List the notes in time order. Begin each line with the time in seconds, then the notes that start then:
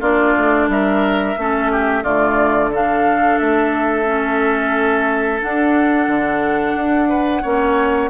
0.00 A#3 D4 F4 D5
0.37 A3
0.68 G3 A#4 E5
1.37 A3 C#4 A4
1.71 G4
2.03 D3 A3 F4 D5
2.72 D4 A4 F5
3.38 A3 E5
4.05 C#4
5.42 D4 F#5
6.07 D3
6.75 D4
7.08 B4
7.42 A#3 C#4 C#5